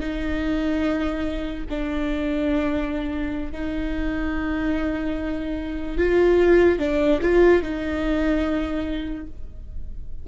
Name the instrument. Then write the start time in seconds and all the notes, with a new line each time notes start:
viola
0.00 D#4
1.70 D4
3.52 D#4
5.98 F4
6.79 D4
7.21 F4
7.63 D#4